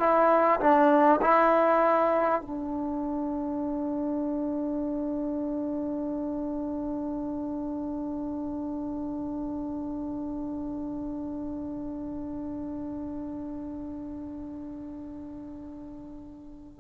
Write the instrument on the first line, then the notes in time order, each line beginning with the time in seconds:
trombone
0.00 E4
0.61 D4
1.22 E4
2.42 D4